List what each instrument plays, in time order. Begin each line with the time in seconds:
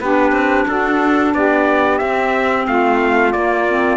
0.00 cello B3, clarinet D4, saxophone G4, trumpet B4
0.32 cello C4
0.67 cello D4, saxophone F#4, trumpet A4
1.34 cello B3, saxophone G4, trumpet D5
1.99 cello C4, clarinet C4, trumpet E5
2.67 cello A3, saxophone F4, trumpet F5
3.33 cello A#3, clarinet A#3, trumpet D5
3.70 clarinet C4